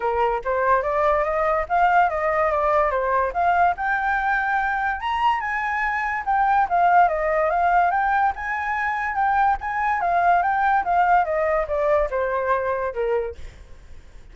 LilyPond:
\new Staff \with { instrumentName = "flute" } { \time 4/4 \tempo 4 = 144 ais'4 c''4 d''4 dis''4 | f''4 dis''4 d''4 c''4 | f''4 g''2. | ais''4 gis''2 g''4 |
f''4 dis''4 f''4 g''4 | gis''2 g''4 gis''4 | f''4 g''4 f''4 dis''4 | d''4 c''2 ais'4 | }